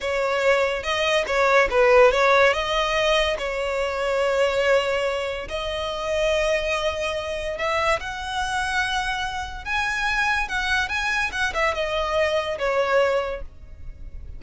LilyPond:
\new Staff \with { instrumentName = "violin" } { \time 4/4 \tempo 4 = 143 cis''2 dis''4 cis''4 | b'4 cis''4 dis''2 | cis''1~ | cis''4 dis''2.~ |
dis''2 e''4 fis''4~ | fis''2. gis''4~ | gis''4 fis''4 gis''4 fis''8 e''8 | dis''2 cis''2 | }